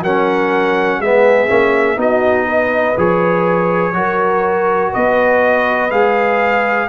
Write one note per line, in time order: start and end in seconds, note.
0.00 0.98 F#3
0.00 1.03 C#4
0.00 0.98 A#4
0.00 1.01 F#5
0.98 1.48 G#3
0.98 1.48 B3
0.98 1.97 G#4
0.98 1.99 E5
1.48 1.96 A#3
1.48 1.96 C#4
1.96 2.95 B3
1.96 2.94 D#4
1.96 2.45 F#4
1.96 2.99 D#5
2.45 3.93 B4
2.97 3.93 F3
2.97 3.93 G#4
2.97 4.93 C#5
3.93 4.91 F#3
3.93 5.90 F#4
3.93 4.91 A#4
4.91 5.91 B3
4.91 6.88 B4
4.91 5.91 D#5
5.90 6.88 G#3
5.90 6.88 G#4
5.90 6.88 F5